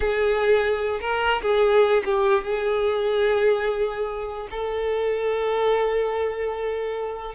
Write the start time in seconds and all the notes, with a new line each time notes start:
0.00 G#4
1.00 A#4
1.42 G#4
2.04 G4
2.44 G#4
4.51 A4